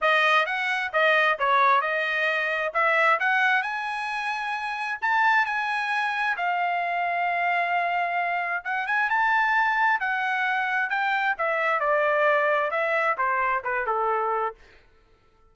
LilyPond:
\new Staff \with { instrumentName = "trumpet" } { \time 4/4 \tempo 4 = 132 dis''4 fis''4 dis''4 cis''4 | dis''2 e''4 fis''4 | gis''2. a''4 | gis''2 f''2~ |
f''2. fis''8 gis''8 | a''2 fis''2 | g''4 e''4 d''2 | e''4 c''4 b'8 a'4. | }